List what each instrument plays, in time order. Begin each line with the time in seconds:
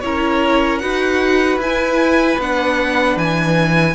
0.00 cello C#4, viola E4, violin A#4 C#5
0.78 cello D#4, viola F#4, violin B4 F#5
1.57 cello E4, viola E4, violin G#5
2.37 cello B3, viola D4, violin F#5
3.16 cello E3, violin G#5